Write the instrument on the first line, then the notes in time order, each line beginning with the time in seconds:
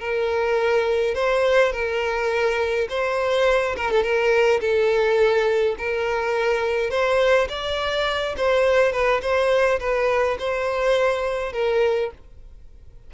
violin
0.00 A#4
1.15 C5
1.72 A#4
2.89 C5
3.76 A#4
3.90 A4
4.03 A#4
4.60 A4
5.78 A#4
6.90 C5
7.49 D5
8.37 C5
8.92 B4
9.22 C5
9.80 B4
10.39 C5
11.53 A#4